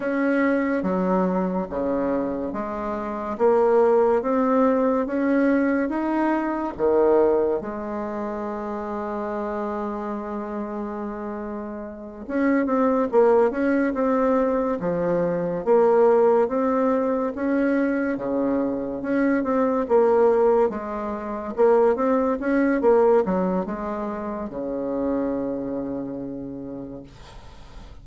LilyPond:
\new Staff \with { instrumentName = "bassoon" } { \time 4/4 \tempo 4 = 71 cis'4 fis4 cis4 gis4 | ais4 c'4 cis'4 dis'4 | dis4 gis2.~ | gis2~ gis8 cis'8 c'8 ais8 |
cis'8 c'4 f4 ais4 c'8~ | c'8 cis'4 cis4 cis'8 c'8 ais8~ | ais8 gis4 ais8 c'8 cis'8 ais8 fis8 | gis4 cis2. | }